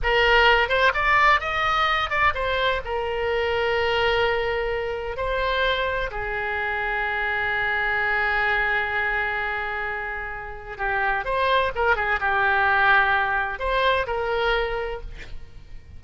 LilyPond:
\new Staff \with { instrumentName = "oboe" } { \time 4/4 \tempo 4 = 128 ais'4. c''8 d''4 dis''4~ | dis''8 d''8 c''4 ais'2~ | ais'2. c''4~ | c''4 gis'2.~ |
gis'1~ | gis'2. g'4 | c''4 ais'8 gis'8 g'2~ | g'4 c''4 ais'2 | }